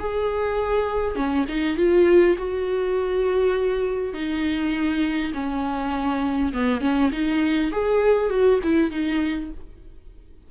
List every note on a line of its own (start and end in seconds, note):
0.00 1.16 G#4
1.16 1.46 C#4
1.49 1.77 D#4
1.77 2.37 F4
2.38 4.14 F#4
4.14 5.33 D#4
5.34 6.53 C#4
6.54 6.81 B3
6.81 7.11 C#4
7.12 7.71 D#4
7.72 8.30 G#4
8.30 8.60 F#4
8.64 8.91 E4
8.91 9.51 D#4